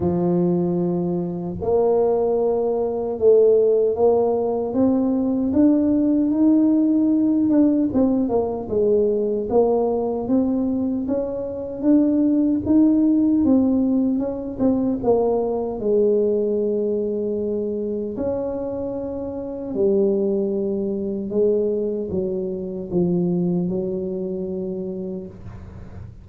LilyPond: \new Staff \with { instrumentName = "tuba" } { \time 4/4 \tempo 4 = 76 f2 ais2 | a4 ais4 c'4 d'4 | dis'4. d'8 c'8 ais8 gis4 | ais4 c'4 cis'4 d'4 |
dis'4 c'4 cis'8 c'8 ais4 | gis2. cis'4~ | cis'4 g2 gis4 | fis4 f4 fis2 | }